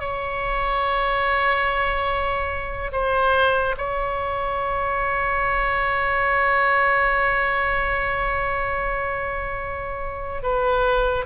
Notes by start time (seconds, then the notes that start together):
0.00 C#5
2.92 C5
3.78 C#5
10.42 B4